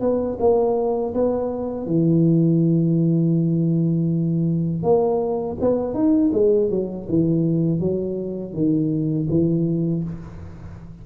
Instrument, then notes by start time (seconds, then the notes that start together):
tuba
0.00 B3
0.39 A#3
1.13 B3
1.86 E3
4.82 A#3
5.60 B3
5.93 D#4
6.32 G#3
6.70 F#3
7.08 E3
7.79 F#3
8.53 D#3
9.29 E3